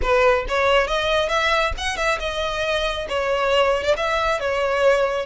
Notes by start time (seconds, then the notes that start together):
0.01 B4
0.48 C#5
0.87 D#5
1.28 E5
1.77 F#5
1.96 E5
2.19 D#5
3.08 C#5
3.83 D5
3.96 E5
4.40 C#5